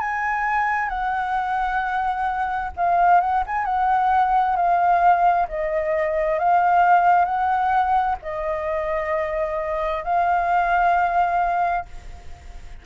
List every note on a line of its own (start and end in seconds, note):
0.00 0.89 G#5
0.89 2.71 F#5
2.77 3.21 F5
3.21 3.43 F#5
3.47 3.65 G#5
3.65 4.56 F#5
4.56 5.47 F5
5.48 6.39 D#5
6.39 7.25 F5
7.25 8.16 F#5
8.23 10.04 D#5
10.04 11.86 F5